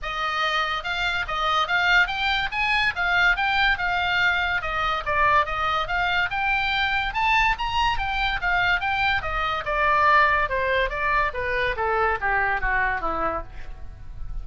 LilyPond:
\new Staff \with { instrumentName = "oboe" } { \time 4/4 \tempo 4 = 143 dis''2 f''4 dis''4 | f''4 g''4 gis''4 f''4 | g''4 f''2 dis''4 | d''4 dis''4 f''4 g''4~ |
g''4 a''4 ais''4 g''4 | f''4 g''4 dis''4 d''4~ | d''4 c''4 d''4 b'4 | a'4 g'4 fis'4 e'4 | }